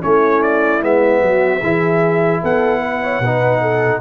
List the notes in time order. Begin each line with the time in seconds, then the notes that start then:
0.00 A3 C#4 E4 C#5
0.42 D5
0.80 G#3 B3 E5
1.21 F#3 F#4
1.60 E3 E4 G#4
2.41 B3 A4 F#5
2.80 B4
3.03 C#5
3.20 B2 D#4 B4
3.61 A4